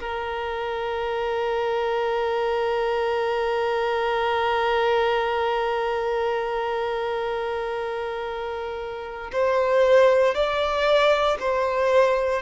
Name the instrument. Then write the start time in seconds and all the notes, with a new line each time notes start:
violin
0.00 A#4
9.32 C5
10.34 D5
11.40 C5